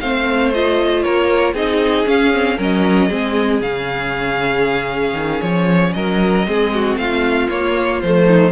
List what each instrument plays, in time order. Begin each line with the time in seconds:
0.00 cello A3, viola C4, violin C5 F5
0.54 viola F4, violin D#5
1.03 cello A#3, violin A#4 C#5
1.54 cello C4, viola D#4, violin G#4 D#5
2.06 viola C#4, cello C#4, violin F5
2.34 viola C4
2.57 cello F#3, viola C#4, violin A#4 D#5
3.08 cello G#3, viola C4, violin G#4
3.62 cello C#3, viola C#4, violin F5
5.14 cello D#3
5.42 cello F3, violin C#5
5.93 cello F#3, violin A#4 D#5
6.47 cello G#3, viola C4, violin G#4
6.74 violin F#4
6.96 cello A3, violin F4 F5
7.50 cello A#3, viola A#3, violin C#5
8.01 cello F3, viola A3, violin C5
8.27 violin D#4